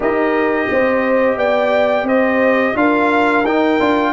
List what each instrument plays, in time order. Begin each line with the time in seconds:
0.00 tuba D#4, trombone G4, horn A#4, trumpet D#5
0.70 tuba C4, horn C5
1.36 tuba B3, horn D5, trumpet G5
2.03 tuba C4, horn C5, trumpet D#5
2.75 tuba D4, trombone F4, horn A#4, trumpet F5
3.44 tuba D#4, trombone D#4, trumpet G5
3.80 tuba D4, trombone F4